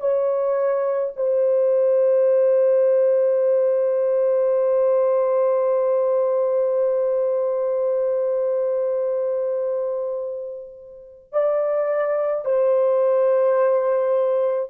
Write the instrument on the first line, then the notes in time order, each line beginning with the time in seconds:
horn
0.00 C#5
1.16 C5
11.33 D5
12.45 C5